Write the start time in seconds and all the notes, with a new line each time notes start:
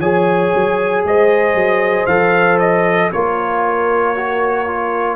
0.00 F3 G#4 C#5 G#5
0.55 F#3
1.05 G#3 C5 D#5
1.55 F#3
2.07 F3 A4 F5
2.59 D#5
3.12 A#3 F4 A#4 C#5
4.16 F#4
4.67 F4